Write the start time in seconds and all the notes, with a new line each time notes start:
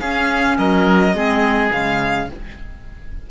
0.00 C#4 G#4 F5
0.58 F#3 A#4 D#5
1.14 G#3 C4 G#4
1.70 C#3 G#3 F5